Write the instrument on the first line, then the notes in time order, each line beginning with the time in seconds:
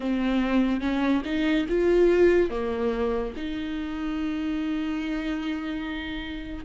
viola
0.00 C4
0.80 C#4
1.24 D#4
1.69 F4
2.50 A#3
3.36 D#4